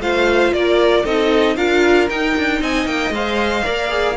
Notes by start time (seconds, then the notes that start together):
0.00 A3 F4 C5 F5
0.53 A#3 A#4 D5
1.04 C4 D#4 A4 D#5
1.57 D4 F4 A#4 F5
2.10 D#4 G5
2.38 D4
2.60 C4 D#5 G#5
2.86 A#3 G5
3.10 G#3 C5 F5
3.64 A#3 A#4 D5
3.90 G#4